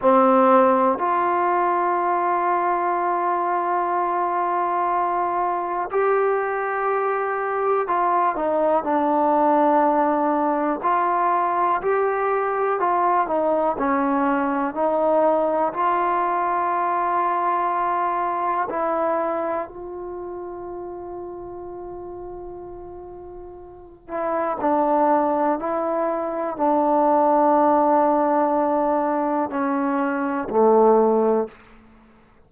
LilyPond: \new Staff \with { instrumentName = "trombone" } { \time 4/4 \tempo 4 = 61 c'4 f'2.~ | f'2 g'2 | f'8 dis'8 d'2 f'4 | g'4 f'8 dis'8 cis'4 dis'4 |
f'2. e'4 | f'1~ | f'8 e'8 d'4 e'4 d'4~ | d'2 cis'4 a4 | }